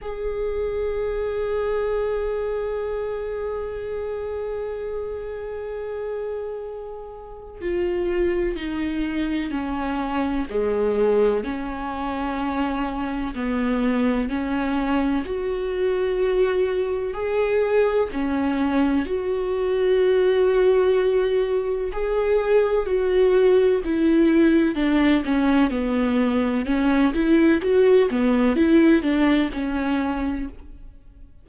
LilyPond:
\new Staff \with { instrumentName = "viola" } { \time 4/4 \tempo 4 = 63 gis'1~ | gis'1 | f'4 dis'4 cis'4 gis4 | cis'2 b4 cis'4 |
fis'2 gis'4 cis'4 | fis'2. gis'4 | fis'4 e'4 d'8 cis'8 b4 | cis'8 e'8 fis'8 b8 e'8 d'8 cis'4 | }